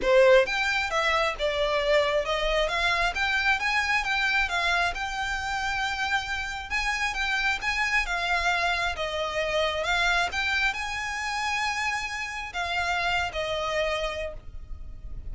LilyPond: \new Staff \with { instrumentName = "violin" } { \time 4/4 \tempo 4 = 134 c''4 g''4 e''4 d''4~ | d''4 dis''4 f''4 g''4 | gis''4 g''4 f''4 g''4~ | g''2. gis''4 |
g''4 gis''4 f''2 | dis''2 f''4 g''4 | gis''1 | f''4.~ f''16 dis''2~ dis''16 | }